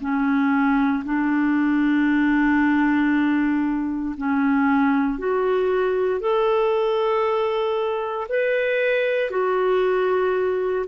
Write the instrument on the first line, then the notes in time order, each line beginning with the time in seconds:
clarinet
0.00 C#4
1.04 D4
4.17 C#4
5.18 F#4
6.20 A4
8.29 B4
9.30 F#4